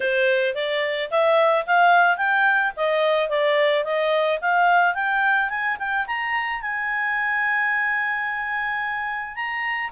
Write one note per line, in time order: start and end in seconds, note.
0.00 0.55 C5
0.55 1.10 D5
1.10 1.65 E5
1.66 2.17 F5
2.17 2.72 G5
2.76 3.29 D#5
3.29 3.84 D5
3.84 4.39 D#5
4.41 4.94 F5
4.94 5.49 G5
5.49 5.77 G#5
5.78 6.06 G5
6.06 6.61 A#5
6.61 9.35 G#5
9.35 9.90 A#5